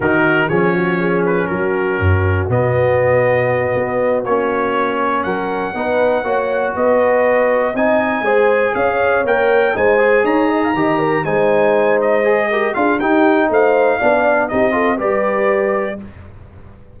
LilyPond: <<
  \new Staff \with { instrumentName = "trumpet" } { \time 4/4 \tempo 4 = 120 ais'4 cis''4. b'8 ais'4~ | ais'4 dis''2.~ | dis''8 cis''2 fis''4.~ | fis''4. dis''2 gis''8~ |
gis''4. f''4 g''4 gis''8~ | gis''8 ais''2 gis''4. | dis''4. f''8 g''4 f''4~ | f''4 dis''4 d''2 | }
  \new Staff \with { instrumentName = "horn" } { \time 4/4 fis'4 gis'8 fis'8 gis'4 fis'4~ | fis'1~ | fis'2~ fis'8 ais'4 b'8~ | b'8 cis''4 b'2 dis''8~ |
dis''8 c''4 cis''2 c''8~ | c''8 cis''8 dis''16 f''16 dis''8 ais'8 c''4.~ | c''4 ais'8 gis'8 g'4 c''4 | d''4 g'8 a'8 b'2 | }
  \new Staff \with { instrumentName = "trombone" } { \time 4/4 dis'4 cis'2.~ | cis'4 b2.~ | b8 cis'2. dis'8~ | dis'8 fis'2. dis'8~ |
dis'8 gis'2 ais'4 dis'8 | gis'4. g'4 dis'4.~ | dis'8 gis'8 g'8 f'8 dis'2 | d'4 dis'8 f'8 g'2 | }
  \new Staff \with { instrumentName = "tuba" } { \time 4/4 dis4 f2 fis4 | fis,4 b,2~ b,8 b8~ | b8 ais2 fis4 b8~ | b8 ais4 b2 c'8~ |
c'8 gis4 cis'4 ais4 gis8~ | gis8 dis'4 dis4 gis4.~ | gis4. d'8 dis'4 a4 | b4 c'4 g2 | }
>>